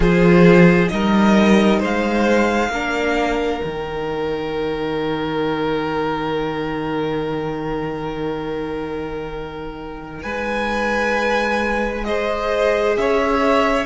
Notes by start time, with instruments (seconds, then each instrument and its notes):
0.00 cello F3, viola F4, violin G#4 C5
0.88 cello G3, viola D#4, violin A#4 D#5
1.79 cello G#3, violin C5 F5
2.69 cello A#3, viola D4, violin A#4
3.61 cello D#3, viola D#4, violin G5
10.22 cello G#3, violin B4 G#5
12.04 viola G#4, violin C5 D#5
12.96 cello C#4, violin C#5 E5